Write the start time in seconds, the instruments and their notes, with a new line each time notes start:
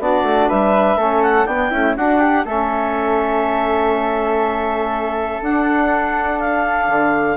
0.00 bassoon B3, saxophone D4, flute F#4, clarinet D5
0.23 bassoon A3
0.49 bassoon G3, flute B4, clarinet E5
0.97 bassoon A3, saxophone C#4, flute A4
1.24 clarinet F#5
1.46 bassoon B3, saxophone B3, flute D4, clarinet G5
1.71 saxophone A3, bassoon C#4, flute E4
1.97 bassoon D4, saxophone D4, flute F#4, clarinet F#5
2.20 flute G4
2.45 bassoon A3, saxophone C#4, flute A4, clarinet E5
5.41 bassoon D4, saxophone D4, clarinet F#5
6.40 clarinet F5
6.89 bassoon D3